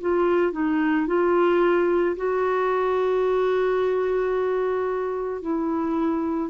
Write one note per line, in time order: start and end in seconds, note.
0.00 0.52 F4
0.52 1.07 D#4
1.07 2.16 F4
2.16 5.41 F#4
5.41 6.50 E4